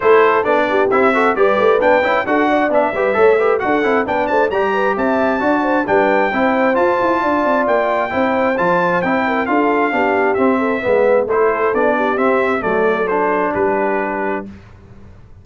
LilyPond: <<
  \new Staff \with { instrumentName = "trumpet" } { \time 4/4 \tempo 4 = 133 c''4 d''4 e''4 d''4 | g''4 fis''4 e''2 | fis''4 g''8 a''8 ais''4 a''4~ | a''4 g''2 a''4~ |
a''4 g''2 a''4 | g''4 f''2 e''4~ | e''4 c''4 d''4 e''4 | d''4 c''4 b'2 | }
  \new Staff \with { instrumentName = "horn" } { \time 4/4 a'4. g'4 a'8 b'4~ | b'4 a'8 d''4 b'8 cis''8 b'8 | a'4 b'8 c''8 d''8 b'8 e''4 | d''8 c''8 b'4 c''2 |
d''2 c''2~ | c''8 ais'8 a'4 g'4. a'8 | b'4 a'4. g'4. | a'2 g'2 | }
  \new Staff \with { instrumentName = "trombone" } { \time 4/4 e'4 d'4 e'8 fis'8 g'4 | d'8 e'8 fis'4 d'8 g'8 a'8 g'8 | fis'8 e'8 d'4 g'2 | fis'4 d'4 e'4 f'4~ |
f'2 e'4 f'4 | e'4 f'4 d'4 c'4 | b4 e'4 d'4 c'4 | a4 d'2. | }
  \new Staff \with { instrumentName = "tuba" } { \time 4/4 a4 b4 c'4 g8 a8 | b8 cis'8 d'4 b8 g8 a4 | d'8 c'8 b8 a8 g4 c'4 | d'4 g4 c'4 f'8 e'8 |
d'8 c'8 ais4 c'4 f4 | c'4 d'4 b4 c'4 | gis4 a4 b4 c'4 | fis2 g2 | }
>>